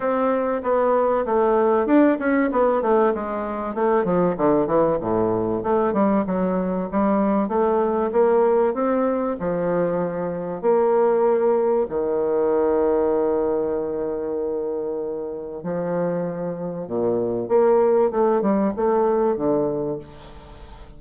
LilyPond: \new Staff \with { instrumentName = "bassoon" } { \time 4/4 \tempo 4 = 96 c'4 b4 a4 d'8 cis'8 | b8 a8 gis4 a8 f8 d8 e8 | a,4 a8 g8 fis4 g4 | a4 ais4 c'4 f4~ |
f4 ais2 dis4~ | dis1~ | dis4 f2 ais,4 | ais4 a8 g8 a4 d4 | }